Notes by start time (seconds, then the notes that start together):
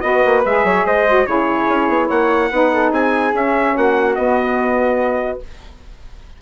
0.00 B3 F#4 B4 D#5
0.25 A#3
0.45 G#3 G#4 E5
0.64 F#3 C#5
0.85 G#3 C5 D#5
1.07 F#4
1.25 C#3 E4 G#4 C#5
1.68 C#4
1.88 B3
2.07 A#3 C#5 F#5
2.50 B3 D#4 B4
2.73 A4
2.91 C4 G#4 G#5
3.32 C#4 E5
3.75 A#3 F#4 F#5
4.14 B3 D#5